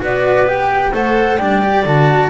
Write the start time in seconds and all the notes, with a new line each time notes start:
0.00 B3 F#4 B4 D5
0.46 G4 G5
0.92 A3 A4 C5 F#5
1.37 G3 D4 D5 G5
1.62 G4
1.85 D3 F#4 A5